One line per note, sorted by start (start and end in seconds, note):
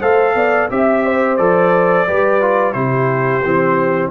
0.00 0.35 A3
0.00 0.69 A4
0.00 0.34 C5
0.00 0.69 F5
0.35 0.69 B3
0.35 0.70 D5
0.70 1.39 C4
0.70 1.38 G4
0.70 1.37 E5
0.70 1.05 E5
1.05 2.07 C5
1.37 2.07 F3
1.37 2.07 A4
1.37 2.73 D5
2.07 2.75 G3
2.07 2.41 G4
2.07 2.75 B4
2.41 2.73 F4
2.73 3.43 C3
2.73 3.41 E4
2.73 4.11 G4
2.73 4.09 C5
3.44 4.11 E3
3.44 4.11 C4